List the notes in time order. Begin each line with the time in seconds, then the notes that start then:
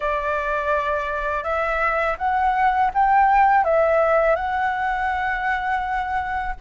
0.00 D5
1.43 E5
2.18 F#5
2.93 G5
3.64 E5
4.35 F#5